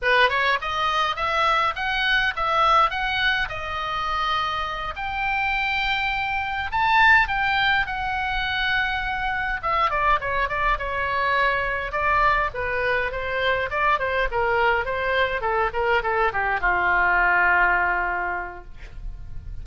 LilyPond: \new Staff \with { instrumentName = "oboe" } { \time 4/4 \tempo 4 = 103 b'8 cis''8 dis''4 e''4 fis''4 | e''4 fis''4 dis''2~ | dis''8 g''2. a''8~ | a''8 g''4 fis''2~ fis''8~ |
fis''8 e''8 d''8 cis''8 d''8 cis''4.~ | cis''8 d''4 b'4 c''4 d''8 | c''8 ais'4 c''4 a'8 ais'8 a'8 | g'8 f'2.~ f'8 | }